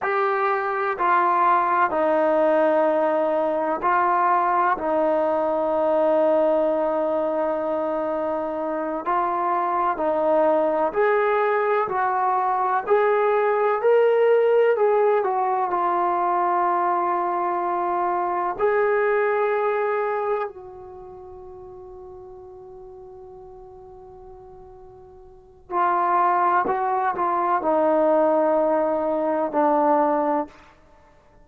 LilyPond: \new Staff \with { instrumentName = "trombone" } { \time 4/4 \tempo 4 = 63 g'4 f'4 dis'2 | f'4 dis'2.~ | dis'4. f'4 dis'4 gis'8~ | gis'8 fis'4 gis'4 ais'4 gis'8 |
fis'8 f'2. gis'8~ | gis'4. fis'2~ fis'8~ | fis'2. f'4 | fis'8 f'8 dis'2 d'4 | }